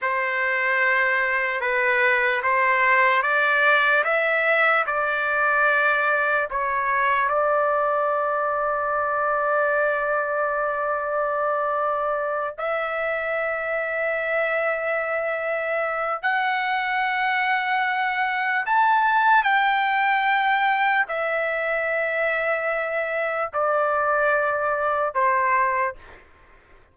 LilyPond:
\new Staff \with { instrumentName = "trumpet" } { \time 4/4 \tempo 4 = 74 c''2 b'4 c''4 | d''4 e''4 d''2 | cis''4 d''2.~ | d''2.~ d''8 e''8~ |
e''1 | fis''2. a''4 | g''2 e''2~ | e''4 d''2 c''4 | }